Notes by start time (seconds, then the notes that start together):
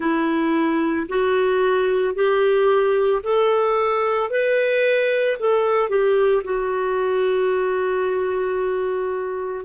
0.00 E4
1.08 F#4
2.14 G4
3.23 A4
4.30 B4
5.39 A4
5.89 G4
6.43 F#4